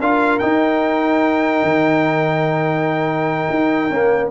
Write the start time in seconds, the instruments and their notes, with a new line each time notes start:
0.00 tuba D4, trombone F4, horn A#4, trumpet F5
0.39 trombone D#4, tuba D#4, trumpet G5
1.63 tuba D#3
3.50 tuba D#4
3.90 trombone A#3, tuba C#4